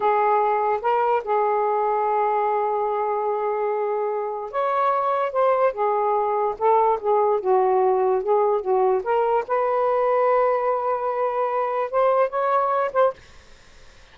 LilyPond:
\new Staff \with { instrumentName = "saxophone" } { \time 4/4 \tempo 4 = 146 gis'2 ais'4 gis'4~ | gis'1~ | gis'2. cis''4~ | cis''4 c''4 gis'2 |
a'4 gis'4 fis'2 | gis'4 fis'4 ais'4 b'4~ | b'1~ | b'4 c''4 cis''4. c''8 | }